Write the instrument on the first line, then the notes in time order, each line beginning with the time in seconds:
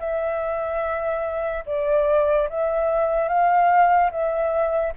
flute
0.00 E5
1.67 D5
2.50 E5
3.29 F5
4.11 E5